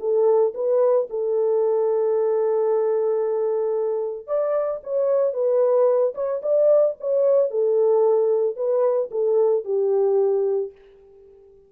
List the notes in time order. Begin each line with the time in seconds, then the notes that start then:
0.00 A4
0.54 B4
1.10 A4
4.27 D5
4.84 C#5
5.34 B4
6.15 C#5
6.42 D5
7.00 C#5
7.51 A4
8.56 B4
9.11 A4
9.65 G4